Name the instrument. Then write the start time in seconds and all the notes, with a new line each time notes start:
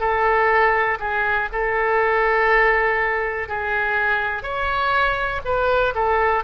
oboe
0.00 A4
1.00 G#4
1.53 A4
3.49 G#4
4.43 C#5
5.45 B4
5.95 A4